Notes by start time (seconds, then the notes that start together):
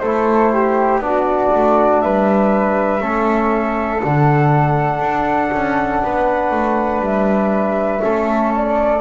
0.00 A3 E4 A4 C5
0.53 G4
0.99 B3 D4 D5
1.05 F#4
1.55 A3
2.01 G3 B4 E5
3.00 A3 C#4 A4
4.01 D3 D4 F#5
5.00 D4
5.53 C#4
6.03 B3 B4
6.51 A3
7.01 G3 E5
8.01 A3 C#4 A4
8.56 D5